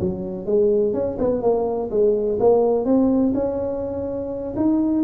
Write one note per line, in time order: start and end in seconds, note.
0.00 0.46 F#3
0.46 0.93 G#3
0.93 1.17 C#4
1.18 1.42 B3
1.42 1.90 A#3
1.91 2.39 G#3
2.40 2.85 A#3
2.85 3.33 C4
3.34 4.54 C#4
4.56 5.04 D#4